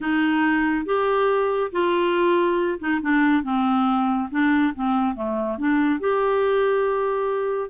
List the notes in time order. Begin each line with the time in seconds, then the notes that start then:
0.00 D#4
0.85 G4
1.72 F4
2.79 D#4
3.01 D4
3.43 C4
4.30 D4
4.74 C4
5.15 A3
5.58 D4
6.00 G4